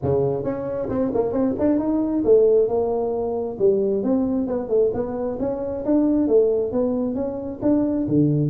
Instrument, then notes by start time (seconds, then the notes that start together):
tuba
0.02 C#3
0.44 C#4
0.89 C4
1.14 A#3
1.32 C4
1.59 D4
1.78 D#4
2.24 A3
2.67 A#3
3.58 G3
4.03 C4
4.47 B3
4.68 A3
4.93 B3
5.39 C#4
5.85 D4
6.27 A3
6.72 B3
7.15 C#4
7.62 D4
8.07 D3